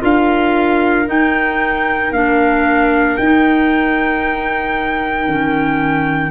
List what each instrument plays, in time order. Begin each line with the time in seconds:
0.00 tuba D4, clarinet F4, viola A#4, trumpet F5
1.05 clarinet D#4, tuba D#4, trumpet G5
2.11 tuba A#3, clarinet D4, trumpet F5
3.16 tuba D#4, clarinet D#4, trumpet G5
5.26 tuba D#3, clarinet C#4